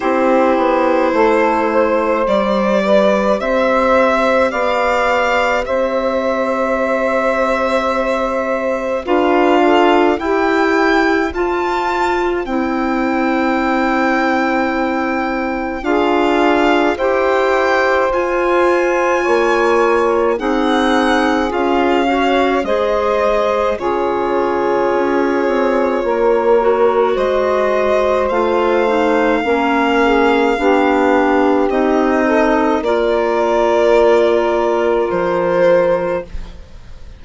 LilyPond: <<
  \new Staff \with { instrumentName = "violin" } { \time 4/4 \tempo 4 = 53 c''2 d''4 e''4 | f''4 e''2. | f''4 g''4 a''4 g''4~ | g''2 f''4 g''4 |
gis''2 fis''4 f''4 | dis''4 cis''2. | dis''4 f''2. | dis''4 d''2 c''4 | }
  \new Staff \with { instrumentName = "saxophone" } { \time 4/4 g'4 a'8 c''4 b'8 c''4 | d''4 c''2. | b'8 a'8 g'4 c''2~ | c''2 gis'4 c''4~ |
c''4 cis''4 gis'4. cis''8 | c''4 gis'2 ais'4 | c''2 ais'8 gis'8 g'4~ | g'8 a'8 ais'2. | }
  \new Staff \with { instrumentName = "clarinet" } { \time 4/4 e'2 g'2~ | g'1 | f'4 e'4 f'4 e'4~ | e'2 f'4 g'4 |
f'2 dis'4 f'8 fis'8 | gis'4 f'2~ f'8 fis'8~ | fis'4 f'8 dis'8 cis'4 d'4 | dis'4 f'2. | }
  \new Staff \with { instrumentName = "bassoon" } { \time 4/4 c'8 b8 a4 g4 c'4 | b4 c'2. | d'4 e'4 f'4 c'4~ | c'2 d'4 e'4 |
f'4 ais4 c'4 cis'4 | gis4 cis4 cis'8 c'8 ais4 | gis4 a4 ais4 b4 | c'4 ais2 f4 | }
>>